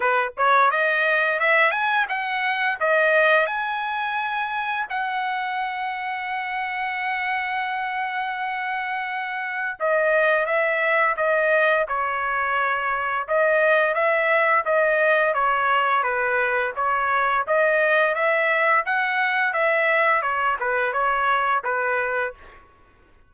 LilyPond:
\new Staff \with { instrumentName = "trumpet" } { \time 4/4 \tempo 4 = 86 b'8 cis''8 dis''4 e''8 gis''8 fis''4 | dis''4 gis''2 fis''4~ | fis''1~ | fis''2 dis''4 e''4 |
dis''4 cis''2 dis''4 | e''4 dis''4 cis''4 b'4 | cis''4 dis''4 e''4 fis''4 | e''4 cis''8 b'8 cis''4 b'4 | }